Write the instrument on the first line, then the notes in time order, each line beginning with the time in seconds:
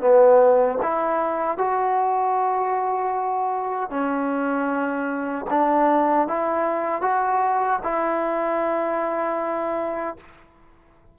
trombone
0.00 B3
0.82 E4
1.57 F#4
3.90 C#4
5.49 D4
6.27 E4
7.01 F#4
7.83 E4